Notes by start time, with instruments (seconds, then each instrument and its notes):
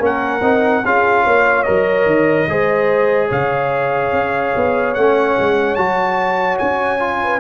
0.00 tuba A#3, trombone C#4, horn A#4, trumpet F#5
0.42 tuba C4, trombone D#4
0.83 tuba C#4, trombone F4, horn G#4, trumpet F5
1.24 tuba A#3, horn C#5
1.63 tuba F#3, trombone A#4, trumpet D#5
2.06 tuba D#3
2.48 tuba G#3, trombone G#4, horn C5
3.28 tuba C#3, horn C#5, trumpet F5
4.13 tuba C#4
4.56 tuba B3
4.95 tuba A3, trombone C#4, trumpet F#5
5.39 tuba G#3
5.75 tuba F#3, trombone F#4, trumpet A5
6.58 tuba C#4, trumpet G#5
6.99 trombone F4
7.23 horn B4